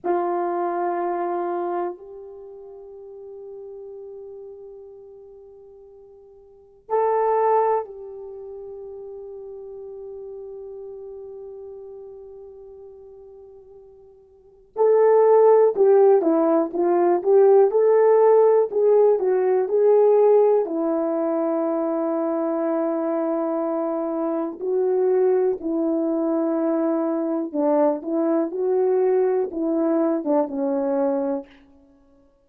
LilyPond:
\new Staff \with { instrumentName = "horn" } { \time 4/4 \tempo 4 = 61 f'2 g'2~ | g'2. a'4 | g'1~ | g'2. a'4 |
g'8 e'8 f'8 g'8 a'4 gis'8 fis'8 | gis'4 e'2.~ | e'4 fis'4 e'2 | d'8 e'8 fis'4 e'8. d'16 cis'4 | }